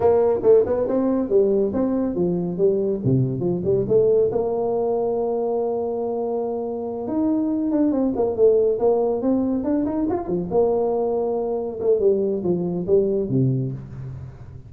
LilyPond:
\new Staff \with { instrumentName = "tuba" } { \time 4/4 \tempo 4 = 140 ais4 a8 b8 c'4 g4 | c'4 f4 g4 c4 | f8 g8 a4 ais2~ | ais1~ |
ais8 dis'4. d'8 c'8 ais8 a8~ | a8 ais4 c'4 d'8 dis'8 f'8 | f8 ais2. a8 | g4 f4 g4 c4 | }